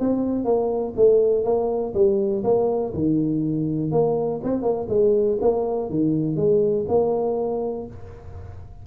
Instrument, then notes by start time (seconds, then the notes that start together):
tuba
0.00 C4
0.45 A#3
0.97 A3
1.44 A#3
1.94 G3
2.44 A#3
2.94 D#3
3.92 A#3
4.44 C4
4.62 A#3
4.89 G#3
5.41 A#3
5.90 D#3
6.36 G#3
6.88 A#3